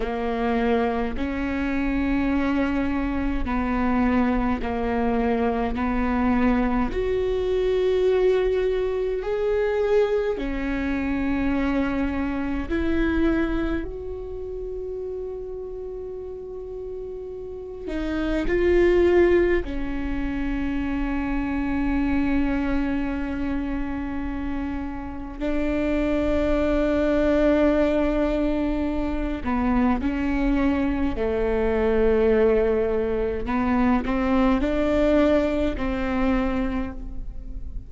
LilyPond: \new Staff \with { instrumentName = "viola" } { \time 4/4 \tempo 4 = 52 ais4 cis'2 b4 | ais4 b4 fis'2 | gis'4 cis'2 e'4 | fis'2.~ fis'8 dis'8 |
f'4 cis'2.~ | cis'2 d'2~ | d'4. b8 cis'4 a4~ | a4 b8 c'8 d'4 c'4 | }